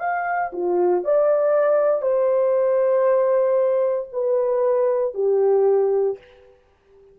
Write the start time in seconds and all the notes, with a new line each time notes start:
0.00 F5
0.53 F4
1.05 D5
2.02 C5
4.13 B4
5.15 G4